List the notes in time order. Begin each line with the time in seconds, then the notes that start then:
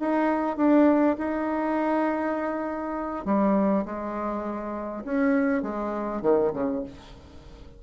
0.00 D#4
0.57 D4
1.19 D#4
3.26 G3
3.86 G#3
5.05 C#4
5.63 G#3
6.22 D#3
6.54 C#3